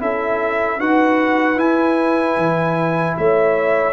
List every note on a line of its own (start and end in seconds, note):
0.00 0.80 C#4
0.00 0.79 E4
0.00 0.80 A4
0.00 0.80 E5
0.80 1.58 D#4
0.80 1.57 F#4
0.80 3.17 B4
0.80 1.59 F#5
1.57 3.93 E4
1.57 2.37 E4
1.57 3.17 G#5
2.37 3.16 E3
3.18 3.93 A3
3.18 3.93 C#5
3.18 3.93 E5